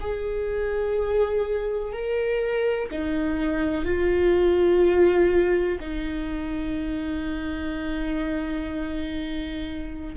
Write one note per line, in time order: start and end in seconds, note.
0.00 1.93 G#4
1.93 2.89 A#4
2.91 3.85 D#4
3.85 5.78 F4
5.80 10.16 D#4